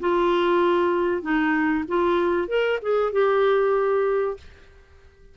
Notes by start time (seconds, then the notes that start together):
0.00 F4
1.22 D#4
1.88 F4
2.48 A#4
2.82 G#4
3.12 G4